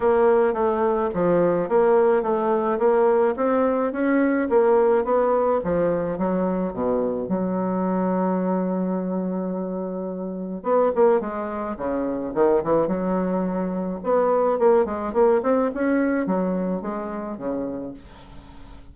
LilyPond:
\new Staff \with { instrumentName = "bassoon" } { \time 4/4 \tempo 4 = 107 ais4 a4 f4 ais4 | a4 ais4 c'4 cis'4 | ais4 b4 f4 fis4 | b,4 fis2.~ |
fis2. b8 ais8 | gis4 cis4 dis8 e8 fis4~ | fis4 b4 ais8 gis8 ais8 c'8 | cis'4 fis4 gis4 cis4 | }